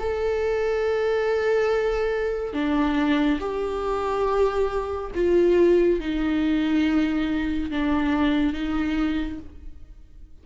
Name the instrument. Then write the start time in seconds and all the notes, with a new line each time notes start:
viola
0.00 A4
2.54 D4
3.40 G4
5.15 F4
6.01 D#4
7.71 D4
8.54 D#4